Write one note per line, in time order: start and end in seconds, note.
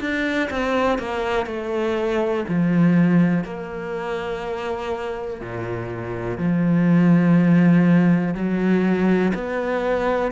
0.00 0.49 D4
0.51 0.99 C4
0.99 1.46 A#3
1.46 2.45 A3
2.48 3.44 F3
3.44 5.41 A#3
5.41 6.38 A#2
6.38 8.34 F3
8.34 9.33 F#3
9.34 10.32 B3